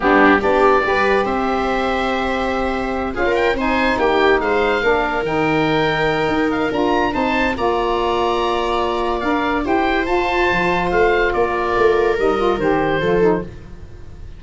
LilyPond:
<<
  \new Staff \with { instrumentName = "oboe" } { \time 4/4 \tempo 4 = 143 g'4 d''2 e''4~ | e''2.~ e''8 f''8 | g''8 gis''4 g''4 f''4.~ | f''8 g''2. f''8 |
ais''4 a''4 ais''2~ | ais''2 f''4 g''4 | a''2 f''4 d''4~ | d''4 dis''4 c''2 | }
  \new Staff \with { instrumentName = "viola" } { \time 4/4 d'4 g'4 b'4 c''4~ | c''2.~ c''8 gis'16 ais'16~ | ais'8 c''4 g'4 c''4 ais'8~ | ais'1~ |
ais'4 c''4 d''2~ | d''2. c''4~ | c''2. ais'4~ | ais'2. a'4 | }
  \new Staff \with { instrumentName = "saxophone" } { \time 4/4 b4 d'4 g'2~ | g'2.~ g'8 f'8~ | f'8 dis'2. d'8~ | d'8 dis'2.~ dis'8 |
f'4 dis'4 f'2~ | f'2 ais'4 g'4 | f'1~ | f'4 dis'8 f'8 g'4 f'8 dis'8 | }
  \new Staff \with { instrumentName = "tuba" } { \time 4/4 g4 b4 g4 c'4~ | c'2.~ c'8 cis'8~ | cis'8 c'4 ais4 gis4 ais8~ | ais8 dis2~ dis8 dis'4 |
d'4 c'4 ais2~ | ais2 d'4 e'4 | f'4 f4 a4 ais4 | a4 g4 dis4 f4 | }
>>